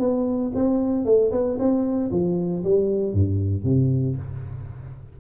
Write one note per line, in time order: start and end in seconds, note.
0.00 0.52 B3
0.55 1.05 C4
1.05 1.31 A3
1.32 1.58 B3
1.59 2.11 C4
2.12 2.64 F3
2.64 3.14 G3
3.14 3.64 G2
3.64 4.16 C3